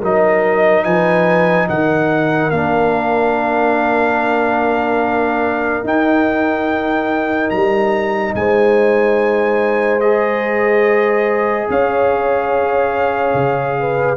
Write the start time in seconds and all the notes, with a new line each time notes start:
0.00 F#3 D#4 A#4 D#5
0.84 F3 B4 G#5
1.69 D#3 A#4 F#5
2.50 A#3 D4 F5
5.83 D#4 G5
7.49 G3 A#5
8.34 G#3 C5 G#5
10.00 G#4 D#5
11.69 C#4 C#5 F5
13.33 C#3
13.79 B4